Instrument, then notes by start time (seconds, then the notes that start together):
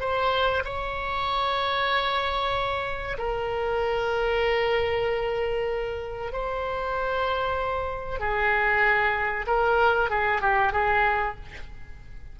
oboe
0.00 C5
0.64 C#5
3.18 A#4
6.32 C5
8.20 G#4
9.47 A#4
10.10 G#4
10.41 G4
10.73 G#4